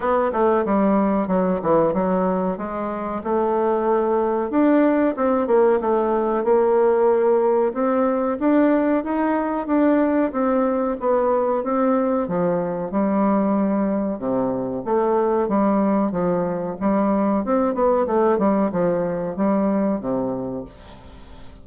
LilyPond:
\new Staff \with { instrumentName = "bassoon" } { \time 4/4 \tempo 4 = 93 b8 a8 g4 fis8 e8 fis4 | gis4 a2 d'4 | c'8 ais8 a4 ais2 | c'4 d'4 dis'4 d'4 |
c'4 b4 c'4 f4 | g2 c4 a4 | g4 f4 g4 c'8 b8 | a8 g8 f4 g4 c4 | }